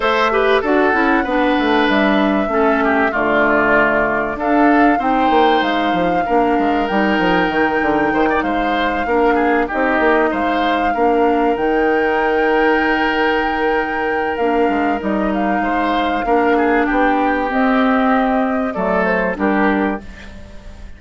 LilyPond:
<<
  \new Staff \with { instrumentName = "flute" } { \time 4/4 \tempo 4 = 96 e''4 fis''2 e''4~ | e''4 d''2 f''4 | g''4 f''2 g''4~ | g''4. f''2 dis''8~ |
dis''8 f''2 g''4.~ | g''2. f''4 | dis''8 f''2~ f''8 g''4 | dis''2 d''8 c''8 ais'4 | }
  \new Staff \with { instrumentName = "oboe" } { \time 4/4 c''8 b'8 a'4 b'2 | a'8 g'8 f'2 a'4 | c''2 ais'2~ | ais'4 c''16 d''16 c''4 ais'8 gis'8 g'8~ |
g'8 c''4 ais'2~ ais'8~ | ais'1~ | ais'4 c''4 ais'8 gis'8 g'4~ | g'2 a'4 g'4 | }
  \new Staff \with { instrumentName = "clarinet" } { \time 4/4 a'8 g'8 fis'8 e'8 d'2 | cis'4 a2 d'4 | dis'2 d'4 dis'4~ | dis'2~ dis'8 d'4 dis'8~ |
dis'4. d'4 dis'4.~ | dis'2. d'4 | dis'2 d'2 | c'2 a4 d'4 | }
  \new Staff \with { instrumentName = "bassoon" } { \time 4/4 a4 d'8 cis'8 b8 a8 g4 | a4 d2 d'4 | c'8 ais8 gis8 f8 ais8 gis8 g8 f8 | dis8 d8 dis8 gis4 ais4 c'8 |
ais8 gis4 ais4 dis4.~ | dis2. ais8 gis8 | g4 gis4 ais4 b4 | c'2 fis4 g4 | }
>>